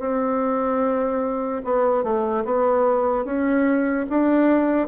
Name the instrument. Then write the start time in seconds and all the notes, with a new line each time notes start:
bassoon
0.00 C4
1.65 B3
2.04 A3
2.45 B3
3.25 C#4
4.10 D4